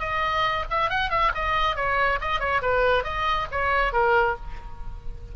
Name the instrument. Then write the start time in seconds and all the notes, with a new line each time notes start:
oboe
0.00 D#5
0.70 E5
0.90 F#5
1.10 E5
1.35 D#5
1.76 C#5
2.21 D#5
2.40 C#5
2.62 B4
3.04 D#5
3.52 C#5
3.93 A#4